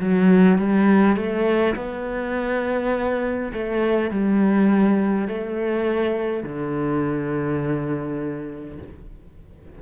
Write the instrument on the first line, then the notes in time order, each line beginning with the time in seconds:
cello
0.00 F#3
0.58 G3
1.17 A3
1.76 B3
3.53 A3
4.11 G3
5.28 A3
6.43 D3